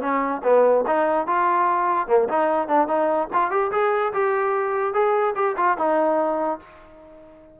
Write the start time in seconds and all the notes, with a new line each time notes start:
0.00 C#4
0.44 B3
0.87 D#4
1.27 F4
2.07 A#3
2.29 D#4
2.68 D4
2.87 D#4
3.33 F4
3.50 G4
3.72 G#4
4.13 G4
4.93 G#4
5.35 G4
5.57 F4
5.77 D#4